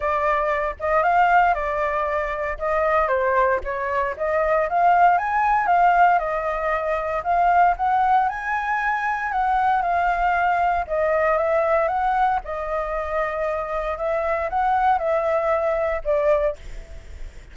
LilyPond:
\new Staff \with { instrumentName = "flute" } { \time 4/4 \tempo 4 = 116 d''4. dis''8 f''4 d''4~ | d''4 dis''4 c''4 cis''4 | dis''4 f''4 gis''4 f''4 | dis''2 f''4 fis''4 |
gis''2 fis''4 f''4~ | f''4 dis''4 e''4 fis''4 | dis''2. e''4 | fis''4 e''2 d''4 | }